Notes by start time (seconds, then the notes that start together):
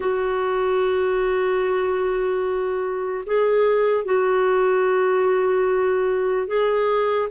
0.00 F#4
3.25 G#4
4.05 F#4
6.47 G#4